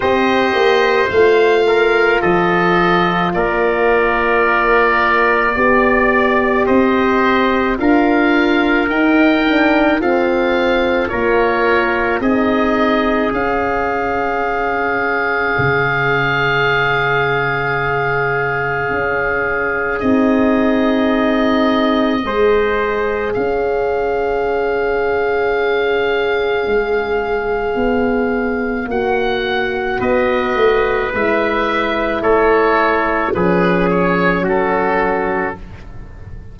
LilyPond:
<<
  \new Staff \with { instrumentName = "oboe" } { \time 4/4 \tempo 4 = 54 dis''4 f''4 dis''4 d''4~ | d''2 dis''4 f''4 | g''4 f''4 cis''4 dis''4 | f''1~ |
f''2 dis''2~ | dis''4 f''2.~ | f''2 fis''4 dis''4 | e''4 cis''4 b'8 cis''8 a'4 | }
  \new Staff \with { instrumentName = "trumpet" } { \time 4/4 c''4. ais'8 a'4 ais'4~ | ais'4 d''4 c''4 ais'4~ | ais'4 a'4 ais'4 gis'4~ | gis'1~ |
gis'1 | c''4 cis''2.~ | cis''2. b'4~ | b'4 a'4 gis'4 fis'4 | }
  \new Staff \with { instrumentName = "horn" } { \time 4/4 g'4 f'2.~ | f'4 g'2 f'4 | dis'8 d'8 c'4 f'4 dis'4 | cis'1~ |
cis'2 dis'2 | gis'1~ | gis'2 fis'2 | e'2 cis'2 | }
  \new Staff \with { instrumentName = "tuba" } { \time 4/4 c'8 ais8 a4 f4 ais4~ | ais4 b4 c'4 d'4 | dis'4 f'4 ais4 c'4 | cis'2 cis2~ |
cis4 cis'4 c'2 | gis4 cis'2. | gis4 b4 ais4 b8 a8 | gis4 a4 f4 fis4 | }
>>